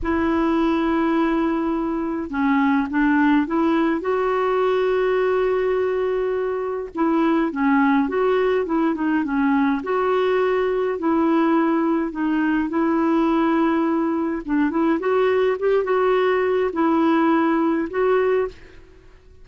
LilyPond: \new Staff \with { instrumentName = "clarinet" } { \time 4/4 \tempo 4 = 104 e'1 | cis'4 d'4 e'4 fis'4~ | fis'1 | e'4 cis'4 fis'4 e'8 dis'8 |
cis'4 fis'2 e'4~ | e'4 dis'4 e'2~ | e'4 d'8 e'8 fis'4 g'8 fis'8~ | fis'4 e'2 fis'4 | }